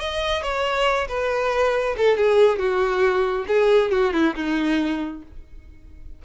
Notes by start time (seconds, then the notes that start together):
0.00 D#5
0.42 C#5
1.08 B4
1.97 A4
2.17 G#4
2.59 F#4
3.48 G#4
3.91 F#4
4.13 E4
4.35 D#4